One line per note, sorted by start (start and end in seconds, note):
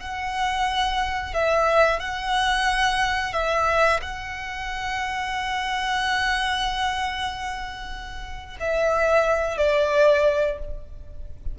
0.00 1.34 F#5
1.34 2.00 E5
2.00 3.33 F#5
3.33 4.00 E5
4.02 8.57 F#5
8.60 9.58 E5
9.58 10.59 D5